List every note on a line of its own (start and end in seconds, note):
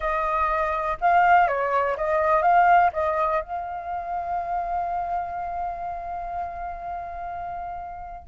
0.00 0.97 D#5
1.00 1.47 F5
1.47 1.96 C#5
1.96 2.42 D#5
2.42 2.90 F5
2.93 3.41 D#5
3.41 8.28 F5